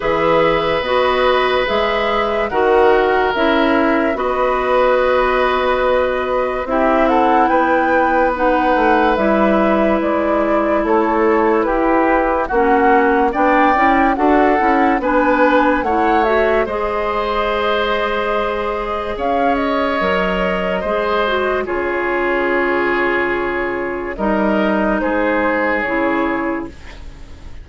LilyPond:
<<
  \new Staff \with { instrumentName = "flute" } { \time 4/4 \tempo 4 = 72 e''4 dis''4 e''4 fis''4 | e''4 dis''2. | e''8 fis''8 g''4 fis''4 e''4 | d''4 cis''4 b'4 fis''4 |
g''4 fis''4 gis''4 fis''8 e''8 | dis''2. f''8 dis''8~ | dis''2 cis''2~ | cis''4 dis''4 c''4 cis''4 | }
  \new Staff \with { instrumentName = "oboe" } { \time 4/4 b'2. ais'4~ | ais'4 b'2. | g'8 a'8 b'2.~ | b'4 a'4 g'4 fis'4 |
d''4 a'4 b'4 cis''4 | c''2. cis''4~ | cis''4 c''4 gis'2~ | gis'4 ais'4 gis'2 | }
  \new Staff \with { instrumentName = "clarinet" } { \time 4/4 gis'4 fis'4 gis'4 fis'4 | e'4 fis'2. | e'2 dis'4 e'4~ | e'2. cis'4 |
d'8 e'8 fis'8 e'8 d'4 e'8 fis'8 | gis'1 | ais'4 gis'8 fis'8 f'2~ | f'4 dis'2 e'4 | }
  \new Staff \with { instrumentName = "bassoon" } { \time 4/4 e4 b4 gis4 dis4 | cis'4 b2. | c'4 b4. a8 g4 | gis4 a4 e'4 ais4 |
b8 cis'8 d'8 cis'8 b4 a4 | gis2. cis'4 | fis4 gis4 cis2~ | cis4 g4 gis4 cis4 | }
>>